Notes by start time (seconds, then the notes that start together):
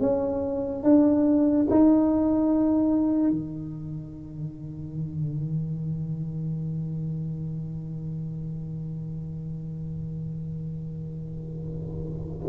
0.00 C#4
0.83 D4
1.70 D#4
3.30 D#3